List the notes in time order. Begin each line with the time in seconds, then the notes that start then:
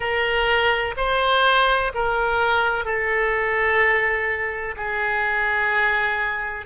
0.00 A#4
0.96 C5
1.94 A#4
2.84 A4
4.77 G#4